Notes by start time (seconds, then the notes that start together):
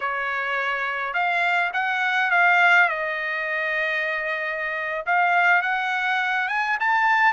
0.00 C#5
1.13 F5
1.73 F#5
2.31 F5
2.88 D#5
5.06 F5
5.61 F#5
6.48 G#5
6.79 A5